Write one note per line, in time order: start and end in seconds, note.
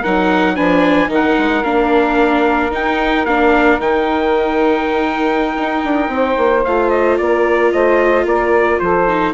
0.00 0.59 F#3
0.00 0.56 D#4
0.00 0.54 A#4
0.00 0.56 F#5
0.56 1.09 F3
0.56 1.08 D4
0.56 1.10 B4
0.56 1.10 G#5
1.08 1.36 D#3
1.08 1.62 D#4
1.08 6.13 A#4
1.08 1.64 F#5
1.38 1.64 G#3
1.64 2.72 A#3
1.64 2.72 D4
1.64 2.72 F5
2.72 3.26 D#4
2.72 3.25 D#4
2.72 3.26 G5
3.25 3.80 A#3
3.25 3.80 D4
3.25 3.80 F5
3.80 5.56 D#3
3.80 6.64 D#4
3.80 6.65 G5
5.58 5.84 D#4
5.84 6.08 D4
6.08 6.35 C4
6.08 7.19 C5
6.38 6.65 A#3
6.65 7.20 A3
6.65 9.09 F4
6.65 6.90 F5
6.90 7.17 D#5
7.18 7.73 A#3
7.18 7.73 A#4
7.18 7.72 D5
7.72 8.25 A3
7.72 8.25 C5
7.72 8.26 D#5
8.25 8.79 A#3
8.25 8.79 A#4
8.25 8.80 D5
8.80 9.34 F3
8.80 9.34 A4
8.80 9.34 C5
9.09 9.34 D#4